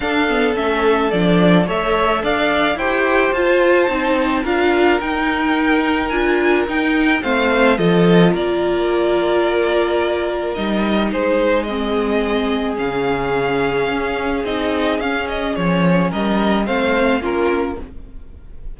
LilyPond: <<
  \new Staff \with { instrumentName = "violin" } { \time 4/4 \tempo 4 = 108 f''4 e''4 d''4 e''4 | f''4 g''4 a''2 | f''4 g''2 gis''4 | g''4 f''4 dis''4 d''4~ |
d''2. dis''4 | c''4 dis''2 f''4~ | f''2 dis''4 f''8 dis''8 | cis''4 dis''4 f''4 ais'4 | }
  \new Staff \with { instrumentName = "violin" } { \time 4/4 a'2. cis''4 | d''4 c''2. | ais'1~ | ais'4 c''4 a'4 ais'4~ |
ais'1 | gis'1~ | gis'1~ | gis'4 ais'4 c''4 f'4 | }
  \new Staff \with { instrumentName = "viola" } { \time 4/4 d'8 b8 cis'4 d'4 a'4~ | a'4 g'4 f'4 dis'4 | f'4 dis'2 f'4 | dis'4 c'4 f'2~ |
f'2. dis'4~ | dis'4 c'2 cis'4~ | cis'2 dis'4 cis'4~ | cis'2 c'4 cis'4 | }
  \new Staff \with { instrumentName = "cello" } { \time 4/4 d'4 a4 f4 a4 | d'4 e'4 f'4 c'4 | d'4 dis'2 d'4 | dis'4 a4 f4 ais4~ |
ais2. g4 | gis2. cis4~ | cis4 cis'4 c'4 cis'4 | f4 g4 a4 ais4 | }
>>